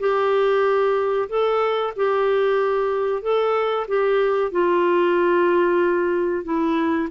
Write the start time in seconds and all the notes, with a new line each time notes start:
0.00 G4
1.29 A4
1.96 G4
3.23 A4
3.88 G4
4.52 F4
6.45 E4